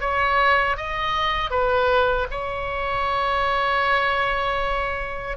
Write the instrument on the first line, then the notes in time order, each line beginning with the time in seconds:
oboe
0.00 C#5
0.77 D#5
1.50 B4
2.30 C#5